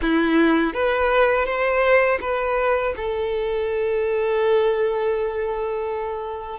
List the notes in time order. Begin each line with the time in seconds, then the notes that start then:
0.01 E4
0.73 B4
1.45 C5
2.20 B4
2.96 A4